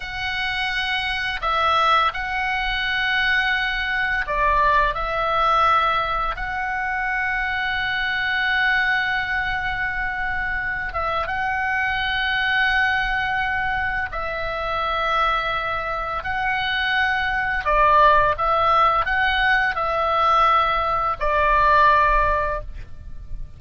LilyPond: \new Staff \with { instrumentName = "oboe" } { \time 4/4 \tempo 4 = 85 fis''2 e''4 fis''4~ | fis''2 d''4 e''4~ | e''4 fis''2.~ | fis''2.~ fis''8 e''8 |
fis''1 | e''2. fis''4~ | fis''4 d''4 e''4 fis''4 | e''2 d''2 | }